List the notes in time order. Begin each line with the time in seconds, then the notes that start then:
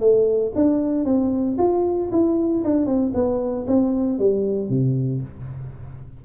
0.00 A3
0.55 D4
1.05 C4
1.58 F4
2.12 E4
2.64 D4
2.86 C4
3.14 B3
3.67 C4
4.19 G3
4.69 C3